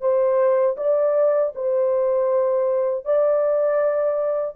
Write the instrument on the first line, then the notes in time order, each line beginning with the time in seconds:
horn
0.00 C5
0.77 D5
1.55 C5
3.04 D5